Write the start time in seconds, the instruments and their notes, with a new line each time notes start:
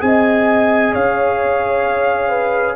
0.00 tuba C4, trombone G#4, horn D#5, trumpet G#5
0.93 tuba C#4, horn C#5, trumpet F5
2.29 horn B4